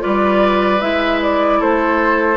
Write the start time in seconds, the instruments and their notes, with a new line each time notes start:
0.00 bassoon G3, clarinet F4, oboe B4, flute D5
0.81 bassoon G#3, clarinet E4, flute E5
1.22 flute D5
1.60 bassoon A3, oboe A4, flute C5